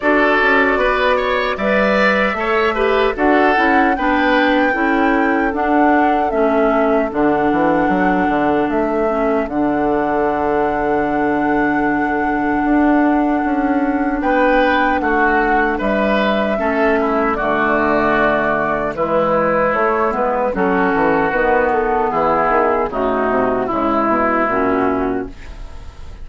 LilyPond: <<
  \new Staff \with { instrumentName = "flute" } { \time 4/4 \tempo 4 = 76 d''2 e''2 | fis''4 g''2 fis''4 | e''4 fis''2 e''4 | fis''1~ |
fis''2 g''4 fis''4 | e''2 d''2 | b'4 cis''8 b'8 a'4 b'8 a'8 | gis'4 fis'4 e'4 fis'4 | }
  \new Staff \with { instrumentName = "oboe" } { \time 4/4 a'4 b'8 cis''8 d''4 cis''8 b'8 | a'4 b'4 a'2~ | a'1~ | a'1~ |
a'2 b'4 fis'4 | b'4 a'8 e'8 fis'2 | e'2 fis'2 | e'4 dis'4 e'2 | }
  \new Staff \with { instrumentName = "clarinet" } { \time 4/4 fis'2 b'4 a'8 g'8 | fis'8 e'8 d'4 e'4 d'4 | cis'4 d'2~ d'8 cis'8 | d'1~ |
d'1~ | d'4 cis'4 a2 | gis4 a8 b8 cis'4 b4~ | b4 a4 gis4 cis'4 | }
  \new Staff \with { instrumentName = "bassoon" } { \time 4/4 d'8 cis'8 b4 g4 a4 | d'8 cis'8 b4 cis'4 d'4 | a4 d8 e8 fis8 d8 a4 | d1 |
d'4 cis'4 b4 a4 | g4 a4 d2 | e4 a8 gis8 fis8 e8 dis4 | e8 dis8 cis8 c8 cis8 b,8 ais,4 | }
>>